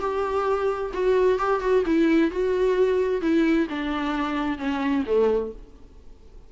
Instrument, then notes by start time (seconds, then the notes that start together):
viola
0.00 G4
0.93 F#4
1.38 G4
1.60 F#4
1.86 E4
2.31 F#4
3.21 E4
3.69 D4
4.58 C#4
5.06 A3